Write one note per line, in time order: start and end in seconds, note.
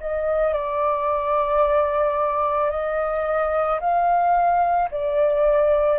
0.00 0.53 D#5
0.53 2.71 D5
2.71 3.80 D#5
3.80 4.89 F5
4.91 5.99 D5